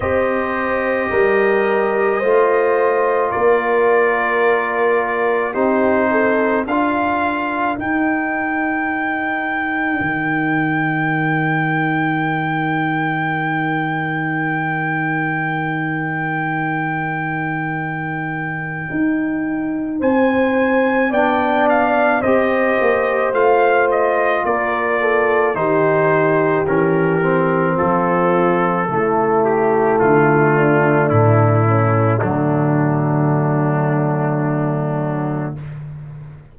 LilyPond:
<<
  \new Staff \with { instrumentName = "trumpet" } { \time 4/4 \tempo 4 = 54 dis''2. d''4~ | d''4 c''4 f''4 g''4~ | g''1~ | g''1~ |
g''2 gis''4 g''8 f''8 | dis''4 f''8 dis''8 d''4 c''4 | ais'4 a'4. g'8 f'4 | e'4 d'2. | }
  \new Staff \with { instrumentName = "horn" } { \time 4/4 c''4 ais'4 c''4 ais'4~ | ais'4 g'8 a'8 ais'2~ | ais'1~ | ais'1~ |
ais'2 c''4 d''4 | c''2 ais'8 a'8 g'4~ | g'4 f'4 e'4. d'8~ | d'8 cis'8 a2. | }
  \new Staff \with { instrumentName = "trombone" } { \time 4/4 g'2 f'2~ | f'4 dis'4 f'4 dis'4~ | dis'1~ | dis'1~ |
dis'2. d'4 | g'4 f'2 dis'4 | cis'8 c'4. a2~ | a4 fis2. | }
  \new Staff \with { instrumentName = "tuba" } { \time 4/4 c'4 g4 a4 ais4~ | ais4 c'4 d'4 dis'4~ | dis'4 dis2.~ | dis1~ |
dis4 dis'4 c'4 b4 | c'8 ais8 a4 ais4 dis4 | e4 f4 cis4 d4 | a,4 d2. | }
>>